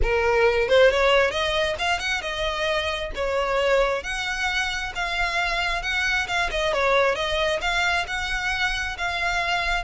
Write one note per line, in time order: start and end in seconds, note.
0.02 0.68 A#4
0.68 0.90 C5
0.90 1.30 C#5
1.30 1.75 D#5
1.78 1.99 F5
1.99 2.21 F#5
2.21 3.11 D#5
3.15 4.03 C#5
4.03 4.92 F#5
4.95 5.82 F5
5.82 6.27 F#5
6.27 6.49 F5
6.50 6.73 D#5
6.73 7.15 C#5
7.15 7.60 D#5
7.61 8.05 F5
8.07 8.96 F#5
8.97 9.83 F5